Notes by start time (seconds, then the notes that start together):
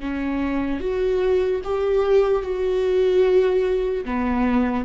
0.00 C#4
0.80 F#4
1.64 G4
2.42 F#4
4.05 B3